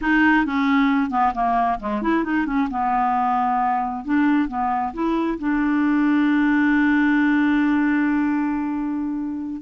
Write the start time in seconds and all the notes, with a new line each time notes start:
0.01 D#4
0.45 C#4
1.10 B3
1.34 A#3
1.79 G#3
2.01 E4
2.24 D#4
2.45 C#4
2.70 B3
4.04 D4
4.48 B3
4.93 E4
5.38 D4